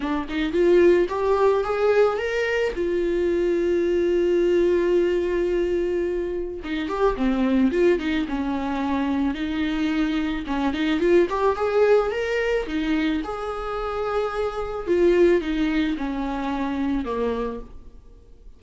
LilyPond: \new Staff \with { instrumentName = "viola" } { \time 4/4 \tempo 4 = 109 d'8 dis'8 f'4 g'4 gis'4 | ais'4 f'2.~ | f'1 | dis'8 g'8 c'4 f'8 dis'8 cis'4~ |
cis'4 dis'2 cis'8 dis'8 | f'8 g'8 gis'4 ais'4 dis'4 | gis'2. f'4 | dis'4 cis'2 ais4 | }